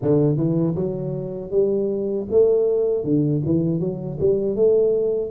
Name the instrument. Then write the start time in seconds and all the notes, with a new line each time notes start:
tuba
0.02 D3
0.36 E3
0.75 F#3
1.50 G3
2.31 A3
3.03 D3
3.45 E3
3.79 F#3
4.20 G3
4.55 A3